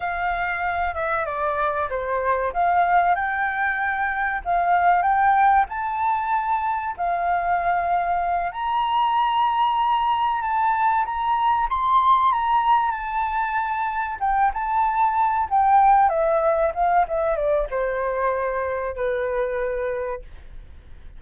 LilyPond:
\new Staff \with { instrumentName = "flute" } { \time 4/4 \tempo 4 = 95 f''4. e''8 d''4 c''4 | f''4 g''2 f''4 | g''4 a''2 f''4~ | f''4. ais''2~ ais''8~ |
ais''8 a''4 ais''4 c'''4 ais''8~ | ais''8 a''2 g''8 a''4~ | a''8 g''4 e''4 f''8 e''8 d''8 | c''2 b'2 | }